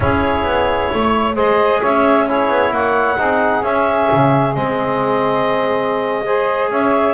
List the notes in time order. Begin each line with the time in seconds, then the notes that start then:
0.00 C#4 E4 G#4 C#5
0.43 B3
0.92 A3 C#5
1.35 G#3 G#4 C5 D#5
1.80 C#4 C#5 E5
2.26 E4 G#4 C#5
2.48 B3
2.70 A#3 C#5 F#5
3.17 C4 D#4 G#4
3.62 C#4 E5
4.11 C#3
4.53 G#3 C4 D#5
6.25 G#4 C5
6.70 C#4 C#5 E5